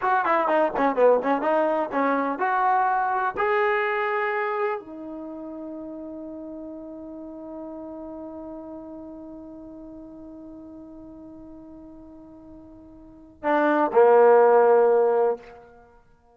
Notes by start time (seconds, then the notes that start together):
0.01 F#4
0.25 E4
0.47 D#4
0.76 C#4
0.95 B3
1.22 C#4
1.41 D#4
1.91 C#4
2.38 F#4
3.37 G#4
4.79 D#4
13.43 D4
13.92 A#3